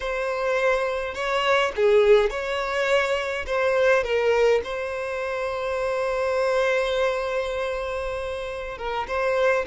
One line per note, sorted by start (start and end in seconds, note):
0.00 1.14 C5
1.14 1.72 C#5
1.76 2.30 G#4
2.30 3.45 C#5
3.46 4.03 C5
4.03 4.61 A#4
4.63 8.77 C5
8.77 9.06 A#4
9.07 9.65 C5